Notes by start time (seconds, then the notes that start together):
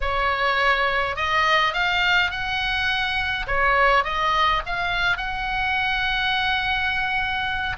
0.00 C#5
1.16 D#5
1.73 F5
2.30 F#5
3.47 C#5
4.04 D#5
4.66 F5
5.17 F#5